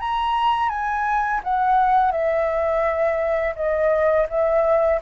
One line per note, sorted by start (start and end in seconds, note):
0.00 0.69 A#5
0.69 1.41 G#5
1.44 2.12 F#5
2.12 3.55 E5
3.56 4.27 D#5
4.29 5.01 E5